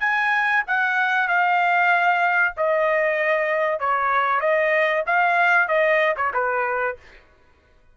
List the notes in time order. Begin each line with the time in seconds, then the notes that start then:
0.00 G#5
0.67 F#5
1.28 F5
2.57 D#5
3.80 C#5
4.40 D#5
5.07 F5
5.68 D#5
6.17 C#5
6.34 B4